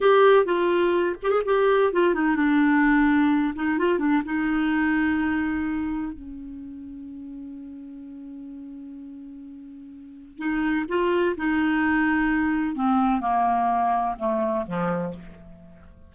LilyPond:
\new Staff \with { instrumentName = "clarinet" } { \time 4/4 \tempo 4 = 127 g'4 f'4. g'16 gis'16 g'4 | f'8 dis'8 d'2~ d'8 dis'8 | f'8 d'8 dis'2.~ | dis'4 cis'2.~ |
cis'1~ | cis'2 dis'4 f'4 | dis'2. c'4 | ais2 a4 f4 | }